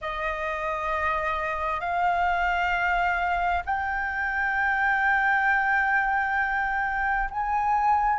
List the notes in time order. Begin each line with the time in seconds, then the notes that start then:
0.01 D#5
1.80 F5
3.65 G5
7.30 G#5